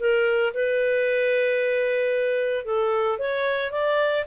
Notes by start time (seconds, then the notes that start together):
0.00 A#4
0.54 B4
2.65 A4
3.19 C#5
3.72 D5